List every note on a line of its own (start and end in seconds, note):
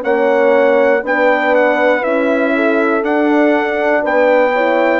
0.00 1.02 A#3
0.00 1.00 C#4
0.00 1.03 C#5
0.00 1.03 F#5
1.02 2.02 B3
1.02 2.02 D4
1.02 2.54 B4
1.02 1.55 G5
1.55 2.03 F#5
2.02 3.02 C#4
2.02 3.02 E4
2.02 3.03 E5
2.55 4.02 A4
3.02 4.03 D4
3.02 4.54 D4
3.02 4.04 F#5
4.02 5.00 B3
4.02 4.52 B4
4.02 5.00 G5
4.53 5.00 E4
4.53 5.00 C#5